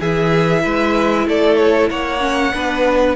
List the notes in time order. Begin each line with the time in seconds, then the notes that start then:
0.00 E3 E4 G#4 E5
0.64 G#3 B4
1.27 A3 A4 D5
1.58 C#5
1.90 A#3 C#5 F#5
2.20 C#4
2.53 B3 D4 B4